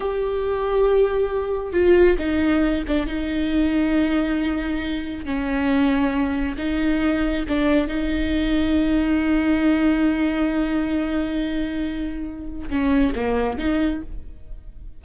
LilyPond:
\new Staff \with { instrumentName = "viola" } { \time 4/4 \tempo 4 = 137 g'1 | f'4 dis'4. d'8 dis'4~ | dis'1 | cis'2. dis'4~ |
dis'4 d'4 dis'2~ | dis'1~ | dis'1~ | dis'4 cis'4 ais4 dis'4 | }